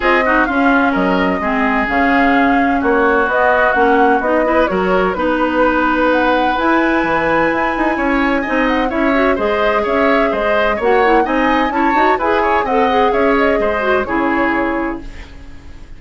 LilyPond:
<<
  \new Staff \with { instrumentName = "flute" } { \time 4/4 \tempo 4 = 128 dis''4 f''4 dis''2 | f''2 cis''4 dis''4 | fis''4 dis''4 cis''4 b'4~ | b'4 fis''4 gis''2~ |
gis''2~ gis''8 fis''8 e''4 | dis''4 e''4 dis''4 fis''4 | gis''4 a''4 gis''4 fis''4 | e''8 dis''4. cis''2 | }
  \new Staff \with { instrumentName = "oboe" } { \time 4/4 gis'8 fis'8 f'4 ais'4 gis'4~ | gis'2 fis'2~ | fis'4. b'8 ais'4 b'4~ | b'1~ |
b'4 cis''4 dis''4 cis''4 | c''4 cis''4 c''4 cis''4 | dis''4 cis''4 b'8 cis''8 dis''4 | cis''4 c''4 gis'2 | }
  \new Staff \with { instrumentName = "clarinet" } { \time 4/4 f'8 dis'8 cis'2 c'4 | cis'2. b4 | cis'4 dis'8 e'8 fis'4 dis'4~ | dis'2 e'2~ |
e'2 dis'4 e'8 fis'8 | gis'2. fis'8 e'8 | dis'4 e'8 fis'8 gis'4 a'8 gis'8~ | gis'4. fis'8 e'2 | }
  \new Staff \with { instrumentName = "bassoon" } { \time 4/4 c'4 cis'4 fis4 gis4 | cis2 ais4 b4 | ais4 b4 fis4 b4~ | b2 e'4 e4 |
e'8 dis'8 cis'4 c'4 cis'4 | gis4 cis'4 gis4 ais4 | c'4 cis'8 dis'8 e'4 c'4 | cis'4 gis4 cis2 | }
>>